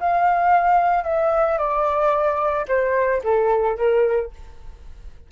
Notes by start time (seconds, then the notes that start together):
0.00 F5
1.04 E5
1.58 D5
2.68 C5
3.24 A4
3.77 A#4